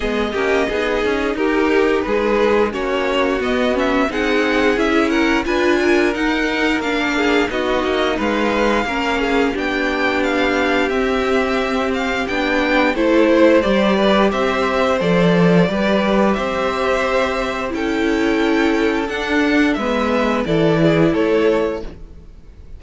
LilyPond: <<
  \new Staff \with { instrumentName = "violin" } { \time 4/4 \tempo 4 = 88 dis''2 ais'4 b'4 | cis''4 dis''8 e''8 fis''4 e''8 fis''8 | gis''4 fis''4 f''4 dis''4 | f''2 g''4 f''4 |
e''4. f''8 g''4 c''4 | d''4 e''4 d''2 | e''2 g''2 | fis''4 e''4 d''4 cis''4 | }
  \new Staff \with { instrumentName = "violin" } { \time 4/4 gis'8 g'8 gis'4 g'4 gis'4 | fis'2 gis'4. ais'8 | b'8 ais'2 gis'8 fis'4 | b'4 ais'8 gis'8 g'2~ |
g'2. a'8 c''8~ | c''8 b'8 c''2 b'4 | c''2 a'2~ | a'4 b'4 a'8 gis'8 a'4 | }
  \new Staff \with { instrumentName = "viola" } { \time 4/4 b8 cis'8 dis'2. | cis'4 b8 cis'8 dis'4 e'4 | f'4 dis'4 d'4 dis'4~ | dis'4 cis'4 d'2 |
c'2 d'4 e'4 | g'2 a'4 g'4~ | g'2 e'2 | d'4 b4 e'2 | }
  \new Staff \with { instrumentName = "cello" } { \time 4/4 gis8 ais8 b8 cis'8 dis'4 gis4 | ais4 b4 c'4 cis'4 | d'4 dis'4 ais4 b8 ais8 | gis4 ais4 b2 |
c'2 b4 a4 | g4 c'4 f4 g4 | c'2 cis'2 | d'4 gis4 e4 a4 | }
>>